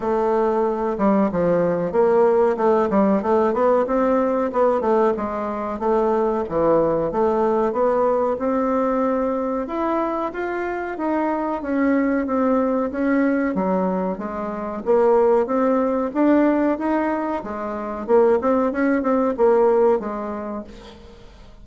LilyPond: \new Staff \with { instrumentName = "bassoon" } { \time 4/4 \tempo 4 = 93 a4. g8 f4 ais4 | a8 g8 a8 b8 c'4 b8 a8 | gis4 a4 e4 a4 | b4 c'2 e'4 |
f'4 dis'4 cis'4 c'4 | cis'4 fis4 gis4 ais4 | c'4 d'4 dis'4 gis4 | ais8 c'8 cis'8 c'8 ais4 gis4 | }